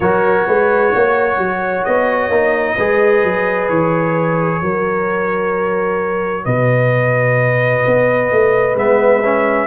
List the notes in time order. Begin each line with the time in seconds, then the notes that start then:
0.00 F#3 F#4 A#4 C#5
0.47 G#3 B4
0.94 A#3 C#5
1.37 F#3
1.84 B3 D#5
2.28 A#3 D#4
2.75 G#3 G#4 B4
3.23 F#3
3.69 E3 C#5
4.61 F#3 F#4 A#4
6.44 B2 B4 D#5
7.86 B3
8.31 A3
8.75 G#3 B3 E5
9.24 C#4